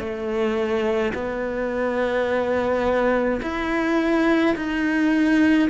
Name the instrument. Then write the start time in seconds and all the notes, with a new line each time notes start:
cello
0.00 A3
1.14 B3
3.42 E4
4.56 D#4